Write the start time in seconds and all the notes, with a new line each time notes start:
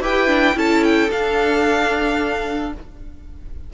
0.00 E4 G4 B4 G5
0.27 D4
0.54 C#4 E4 A4 A5
0.83 G5
1.10 D4 F5